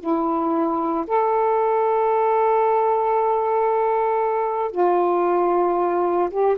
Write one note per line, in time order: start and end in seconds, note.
0.00 1.05 E4
1.07 4.72 A4
4.72 6.30 F4
6.31 6.57 G4